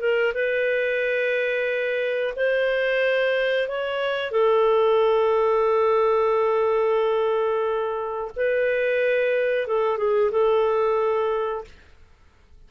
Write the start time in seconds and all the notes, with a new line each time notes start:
0.00 A#4
0.34 B4
2.36 C5
3.68 C#5
4.31 A4
8.36 B4
9.67 A4
9.98 G#4
10.31 A4